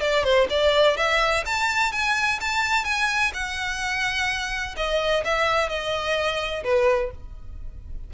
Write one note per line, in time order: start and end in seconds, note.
0.00 0.24 D5
0.24 0.47 C5
0.50 0.97 D5
0.97 1.44 E5
1.46 1.92 A5
1.92 2.39 G#5
2.41 2.84 A5
2.84 3.32 G#5
3.33 4.75 F#5
4.76 5.24 D#5
5.24 5.69 E5
5.69 6.63 D#5
6.64 7.11 B4